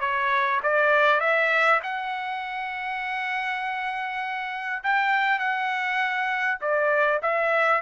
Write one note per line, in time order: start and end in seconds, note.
0.00 0.60 C#5
0.63 1.20 D5
1.20 1.80 E5
1.83 4.83 F#5
4.83 5.39 G5
5.39 6.59 F#5
6.61 7.21 D5
7.22 7.81 E5